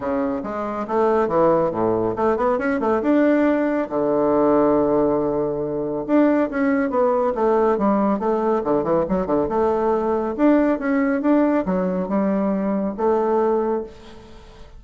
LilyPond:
\new Staff \with { instrumentName = "bassoon" } { \time 4/4 \tempo 4 = 139 cis4 gis4 a4 e4 | a,4 a8 b8 cis'8 a8 d'4~ | d'4 d2.~ | d2 d'4 cis'4 |
b4 a4 g4 a4 | d8 e8 fis8 d8 a2 | d'4 cis'4 d'4 fis4 | g2 a2 | }